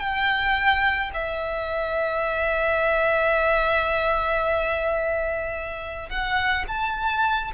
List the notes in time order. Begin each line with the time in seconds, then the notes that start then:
0.00 G5
1.14 E5
6.10 F#5
6.68 A5